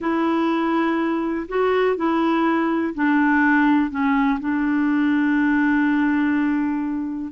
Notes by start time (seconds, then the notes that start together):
0.00 E4
1.48 F#4
1.96 E4
2.94 D4
3.90 C#4
4.40 D4